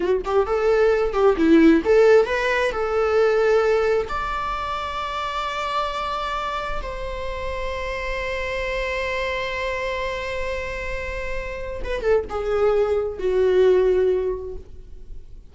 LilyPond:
\new Staff \with { instrumentName = "viola" } { \time 4/4 \tempo 4 = 132 fis'8 g'8 a'4. g'8 e'4 | a'4 b'4 a'2~ | a'4 d''2.~ | d''2. c''4~ |
c''1~ | c''1~ | c''2 b'8 a'8 gis'4~ | gis'4 fis'2. | }